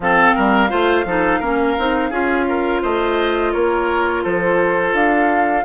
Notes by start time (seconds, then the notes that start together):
0.00 F3 C4 A4 F5
0.35 G3 A#4
0.69 A3 F4 C5
1.04 F3 D#4 A4
1.39 A#3 C#4 A#4
1.78 C4 D#4
2.10 C#4 F4 G#4
2.48 A#4
2.81 A3 C5 D#5
3.52 A#3 A#4 C#5
4.23 F3 A4 C5
4.93 D4 F5